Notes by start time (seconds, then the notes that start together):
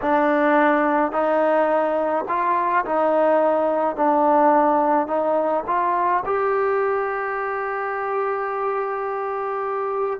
0.01 D4
1.12 D#4
2.28 F4
2.85 D#4
3.95 D4
5.07 D#4
5.67 F4
6.25 G4